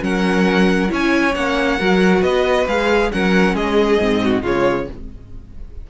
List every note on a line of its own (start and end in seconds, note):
0.00 0.91 F#3
0.00 0.88 C#4
0.00 0.91 A#4
0.00 0.91 F#5
0.88 1.35 C#4
0.88 1.32 E4
0.88 1.78 C#5
0.88 1.35 G#5
1.35 1.80 A#3
1.35 1.79 C#4
1.35 2.23 F#5
1.78 2.22 F#3
1.78 2.67 F#4
1.78 2.21 A#4
2.21 2.66 B3
2.21 3.09 B4
2.21 2.67 D#5
2.67 3.11 G#3
2.67 3.11 G#4
2.67 3.11 F5
3.11 3.54 F#3
3.11 3.99 C#4
3.11 3.55 A#4
3.11 3.55 F#5
3.54 3.98 G#3
3.54 4.21 G#4
3.54 4.43 D#5
3.99 4.43 G#2
3.99 4.43 C4
4.23 4.42 F#4
4.42 4.87 C#3
4.42 4.87 G#3
4.42 4.86 F4
4.42 4.90 C#5